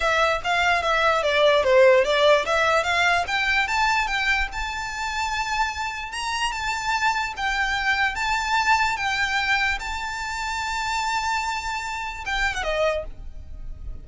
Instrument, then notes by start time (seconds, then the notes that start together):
violin
0.00 E5
0.43 F5
0.82 E5
1.22 D5
1.63 C5
2.04 D5
2.45 E5
2.83 F5
3.27 G5
3.67 A5
4.07 G5
4.52 A5
6.12 A#5
6.52 A5
7.36 G5
8.15 A5
8.96 G5
9.79 A5
12.25 G5
12.54 F#5
12.63 D#5